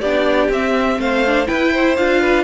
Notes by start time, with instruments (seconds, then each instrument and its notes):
0.00 cello B3, viola D4, violin G4 D5
0.49 cello C4, viola C4, violin E5
0.98 cello A3, violin C5 F5
1.26 viola D4
1.45 viola E4, cello E4, violin B4 G5
1.72 violin C5
1.96 cello D4, viola F4, violin F5
2.21 violin B4